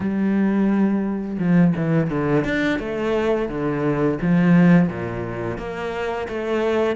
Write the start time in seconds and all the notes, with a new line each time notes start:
0.00 G3
1.38 F3
1.76 E3
2.10 D3
2.44 D4
2.79 A3
3.49 D3
4.21 F3
4.88 A#2
5.58 A#3
6.28 A3